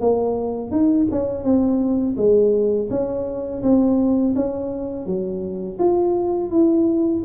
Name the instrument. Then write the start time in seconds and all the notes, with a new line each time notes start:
tuba
0.00 A#3
0.71 D#4
1.10 C#4
1.43 C4
2.17 G#3
2.90 C#4
3.62 C4
4.35 C#4
5.06 F#3
5.79 F4
6.51 E4